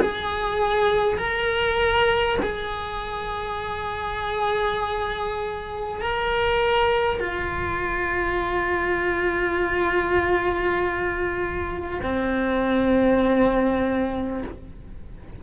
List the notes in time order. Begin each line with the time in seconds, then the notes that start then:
0.00 G#4
1.17 A#4
2.42 G#4
6.01 A#4
7.19 F4
12.02 C4